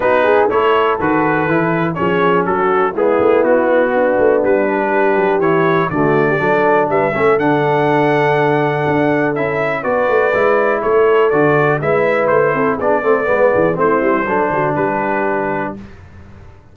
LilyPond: <<
  \new Staff \with { instrumentName = "trumpet" } { \time 4/4 \tempo 4 = 122 b'4 cis''4 b'2 | cis''4 a'4 gis'4 fis'4~ | fis'4 b'2 cis''4 | d''2 e''4 fis''4~ |
fis''2. e''4 | d''2 cis''4 d''4 | e''4 c''4 d''2 | c''2 b'2 | }
  \new Staff \with { instrumentName = "horn" } { \time 4/4 fis'8 gis'8 a'2. | gis'4 fis'4 e'2 | d'2 g'2 | fis'8. g'16 a'4 b'8 a'4.~ |
a'1 | b'2 a'2 | b'4. a'8 gis'8 a'8 b'8 gis'8 | e'4 a'8 fis'8 g'2 | }
  \new Staff \with { instrumentName = "trombone" } { \time 4/4 dis'4 e'4 fis'4 e'4 | cis'2 b2~ | b4. d'4. e'4 | a4 d'4. cis'8 d'4~ |
d'2. e'4 | fis'4 e'2 fis'4 | e'2 d'8 c'8 b4 | c'4 d'2. | }
  \new Staff \with { instrumentName = "tuba" } { \time 4/4 b4 a4 dis4 e4 | f4 fis4 gis8 a8 b4~ | b8 a8 g4. fis8 e4 | d4 fis4 g8 a8 d4~ |
d2 d'4 cis'4 | b8 a8 gis4 a4 d4 | gis4 a8 c'8 b8 a8 gis8 e8 | a8 g8 fis8 d8 g2 | }
>>